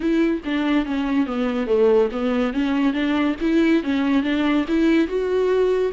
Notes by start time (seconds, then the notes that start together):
0.00 E4
0.45 D4
0.85 C#4
1.26 B3
1.67 A3
2.11 B3
2.53 C#4
2.93 D4
3.40 E4
3.83 C#4
4.23 D4
4.67 E4
5.07 F#4